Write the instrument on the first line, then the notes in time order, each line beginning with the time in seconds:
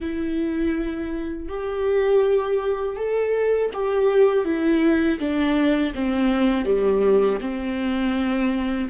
viola
0.00 E4
1.48 G4
2.96 A4
3.73 G4
4.44 E4
5.19 D4
5.94 C4
6.65 G3
7.40 C4